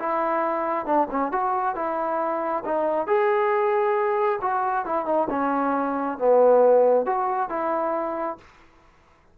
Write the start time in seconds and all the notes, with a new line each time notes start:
0.00 E4
0.86 D4
1.11 C#4
1.32 F#4
1.76 E4
2.65 D#4
3.08 G#4
4.42 F#4
4.86 E4
5.06 D#4
5.30 C#4
6.19 B3
7.06 F#4
7.50 E4